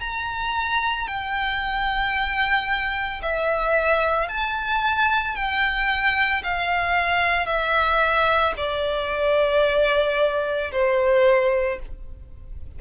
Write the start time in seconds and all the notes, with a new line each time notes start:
0.00 A#5
1.07 G5
3.22 E5
4.29 A5
5.35 G5
6.44 F5
7.47 E5
8.57 D5
10.72 C5